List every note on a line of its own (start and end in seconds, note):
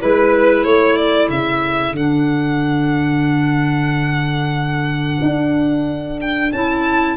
0.00 0.64 G#3
0.00 1.95 E4
0.00 0.64 B4
0.64 1.29 A3
0.64 7.16 A4
0.64 0.96 C#5
0.96 1.29 D5
1.29 1.92 C#3
1.29 1.96 E5
1.92 5.18 D3
1.92 6.52 D4
1.92 6.20 F#5
5.22 6.52 D4
6.21 6.52 G5
6.52 7.17 C#4
6.52 7.17 E4
6.52 7.17 A5